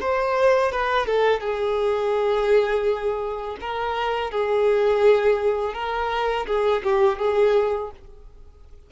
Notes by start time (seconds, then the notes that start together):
0.00 C5
0.72 B4
1.06 A4
1.40 G#4
3.60 A#4
4.31 G#4
5.74 A#4
6.46 G#4
6.83 G4
7.19 G#4